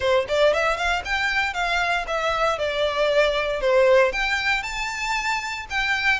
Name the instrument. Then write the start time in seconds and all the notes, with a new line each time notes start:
violin
0.00 C5
0.28 D5
0.53 E5
0.76 F5
1.04 G5
1.53 F5
2.07 E5
2.58 D5
3.60 C5
4.12 G5
4.62 A5
5.70 G5